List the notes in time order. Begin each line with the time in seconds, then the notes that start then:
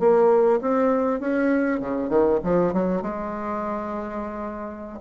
0.00 A#3
0.62 C4
1.21 C#4
1.80 C#3
2.09 D#3
2.44 F3
2.74 F#3
3.02 G#3